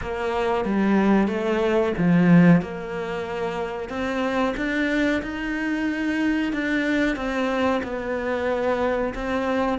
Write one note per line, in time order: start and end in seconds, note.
0.01 0.65 A#3
0.65 1.27 G3
1.27 1.92 A3
1.97 2.61 F3
2.61 3.89 A#3
3.89 4.54 C4
4.57 5.22 D4
5.22 6.52 D#4
6.52 7.16 D4
7.16 7.81 C4
7.83 9.13 B3
9.14 9.78 C4